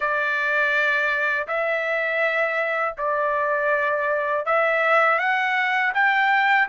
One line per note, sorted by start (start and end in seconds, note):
0.00 1.46 D5
1.47 2.95 E5
2.97 4.45 D5
4.45 5.18 E5
5.18 5.92 F#5
5.94 6.68 G5